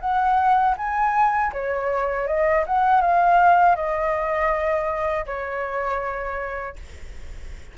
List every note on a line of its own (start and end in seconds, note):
0.00 0.75 F#5
0.77 1.52 G#5
1.52 2.27 C#5
2.27 2.64 D#5
2.66 3.01 F#5
3.01 3.75 F5
3.75 5.25 D#5
5.26 6.76 C#5